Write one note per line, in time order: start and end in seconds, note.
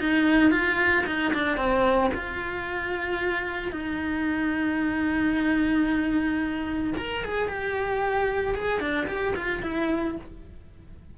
0.00 0.51 D#4
0.51 1.05 F4
1.06 1.33 D#4
1.34 1.57 D4
1.57 2.11 C4
2.14 3.72 F4
3.72 6.93 D#4
6.97 7.24 A#4
7.24 7.48 G#4
7.48 8.55 G4
8.55 8.80 G#4
8.80 9.06 D4
9.07 9.34 G4
9.36 9.62 F4
9.62 10.16 E4